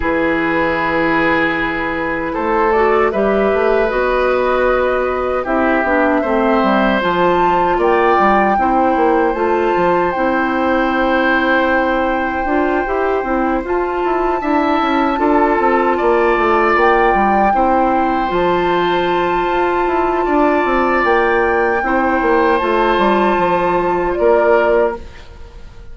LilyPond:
<<
  \new Staff \with { instrumentName = "flute" } { \time 4/4 \tempo 4 = 77 b'2. c''8 d''8 | e''4 dis''2 e''4~ | e''4 a''4 g''2 | a''4 g''2.~ |
g''4. a''2~ a''8~ | a''4. g''2 a''8~ | a''2. g''4~ | g''4 a''2 d''4 | }
  \new Staff \with { instrumentName = "oboe" } { \time 4/4 gis'2. a'4 | b'2. g'4 | c''2 d''4 c''4~ | c''1~ |
c''2~ c''8 e''4 a'8~ | a'8 d''2 c''4.~ | c''2 d''2 | c''2. ais'4 | }
  \new Staff \with { instrumentName = "clarinet" } { \time 4/4 e'2.~ e'8 fis'8 | g'4 fis'2 e'8 d'8 | c'4 f'2 e'4 | f'4 e'2. |
f'8 g'8 e'8 f'4 e'4 f'8~ | f'2~ f'8 e'4 f'8~ | f'1 | e'4 f'2. | }
  \new Staff \with { instrumentName = "bassoon" } { \time 4/4 e2. a4 | g8 a8 b2 c'8 b8 | a8 g8 f4 ais8 g8 c'8 ais8 | a8 f8 c'2. |
d'8 e'8 c'8 f'8 e'8 d'8 cis'8 d'8 | c'8 ais8 a8 ais8 g8 c'4 f8~ | f4 f'8 e'8 d'8 c'8 ais4 | c'8 ais8 a8 g8 f4 ais4 | }
>>